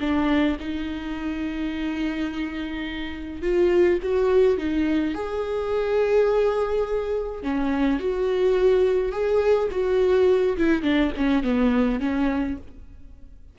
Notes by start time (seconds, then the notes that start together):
0.00 D4
0.59 D#4
3.42 F4
4.02 F#4
4.57 D#4
5.14 G#4
7.43 C#4
8.00 F#4
9.12 G#4
9.71 F#4
10.57 E4
10.83 D4
11.17 C#4
11.43 B3
12.00 C#4